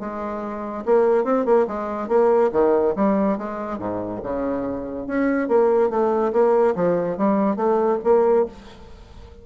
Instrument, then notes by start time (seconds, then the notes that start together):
bassoon
0.00 G#3
0.86 A#3
1.24 C4
1.45 A#3
1.68 G#3
2.08 A#3
2.53 D#3
2.96 G3
3.38 G#3
3.79 G#2
4.23 C#3
5.07 C#4
5.49 A#3
5.90 A3
6.33 A#3
6.76 F3
7.18 G3
7.57 A3
8.04 A#3